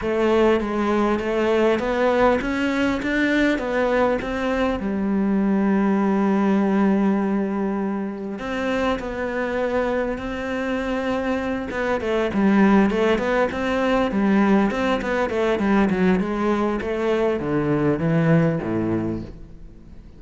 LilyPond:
\new Staff \with { instrumentName = "cello" } { \time 4/4 \tempo 4 = 100 a4 gis4 a4 b4 | cis'4 d'4 b4 c'4 | g1~ | g2 c'4 b4~ |
b4 c'2~ c'8 b8 | a8 g4 a8 b8 c'4 g8~ | g8 c'8 b8 a8 g8 fis8 gis4 | a4 d4 e4 a,4 | }